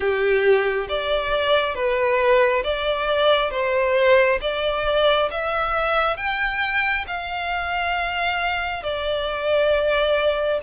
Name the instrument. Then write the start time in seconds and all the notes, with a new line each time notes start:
violin
0.00 G4
0.88 D5
1.74 B4
2.63 D5
3.51 C5
4.41 D5
5.31 E5
6.16 G5
7.07 F5
8.83 D5